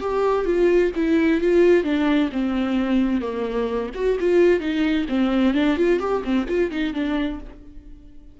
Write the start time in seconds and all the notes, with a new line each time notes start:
0.00 G4
0.45 F4
0.95 E4
1.40 F4
1.83 D4
2.31 C4
3.21 A#3
3.94 F#4
4.20 F4
4.59 D#4
5.09 C4
5.53 D4
5.76 F4
5.99 G4
6.24 C4
6.47 F4
6.70 D#4
6.93 D4